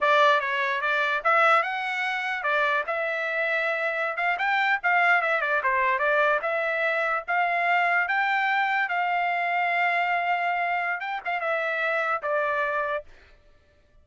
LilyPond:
\new Staff \with { instrumentName = "trumpet" } { \time 4/4 \tempo 4 = 147 d''4 cis''4 d''4 e''4 | fis''2 d''4 e''4~ | e''2~ e''16 f''8 g''4 f''16~ | f''8. e''8 d''8 c''4 d''4 e''16~ |
e''4.~ e''16 f''2 g''16~ | g''4.~ g''16 f''2~ f''16~ | f''2. g''8 f''8 | e''2 d''2 | }